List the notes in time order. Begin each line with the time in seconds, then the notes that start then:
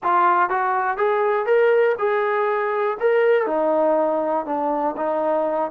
0.03 F4
0.49 F#4
0.97 G#4
1.46 A#4
1.98 G#4
3.00 A#4
3.46 D#4
4.45 D4
4.97 D#4